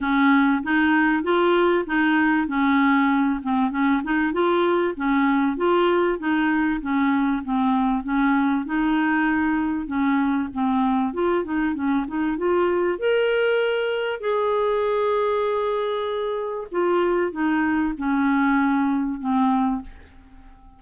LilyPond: \new Staff \with { instrumentName = "clarinet" } { \time 4/4 \tempo 4 = 97 cis'4 dis'4 f'4 dis'4 | cis'4. c'8 cis'8 dis'8 f'4 | cis'4 f'4 dis'4 cis'4 | c'4 cis'4 dis'2 |
cis'4 c'4 f'8 dis'8 cis'8 dis'8 | f'4 ais'2 gis'4~ | gis'2. f'4 | dis'4 cis'2 c'4 | }